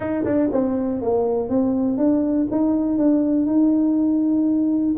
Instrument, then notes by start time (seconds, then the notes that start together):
tuba
0.00 D#4
0.25 D4
0.51 C4
1.01 A#3
1.49 C4
1.97 D4
2.51 D#4
2.98 D4
3.46 D#4